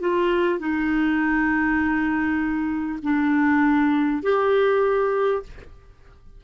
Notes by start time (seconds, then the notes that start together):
0.00 F4
0.59 D#4
3.02 D4
4.23 G4